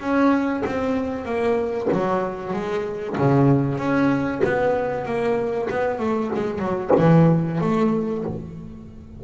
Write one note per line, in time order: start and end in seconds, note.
0.00 0.63 C#4
0.65 1.25 C4
1.25 1.88 A#3
1.92 2.53 F#3
2.53 3.16 G#3
3.18 3.78 C#3
3.78 4.41 C#4
4.44 5.05 B3
5.05 5.68 A#3
5.70 5.99 B3
5.99 6.30 A3
6.35 6.59 G#3
6.59 6.90 F#3
6.97 7.60 E3
7.61 8.24 A3